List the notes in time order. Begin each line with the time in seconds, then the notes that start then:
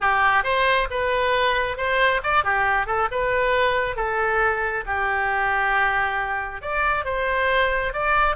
0.00 G4
0.43 C5
0.90 B4
1.77 C5
2.23 D5
2.44 G4
2.86 A4
3.11 B4
3.96 A4
4.85 G4
6.61 D5
7.04 C5
7.93 D5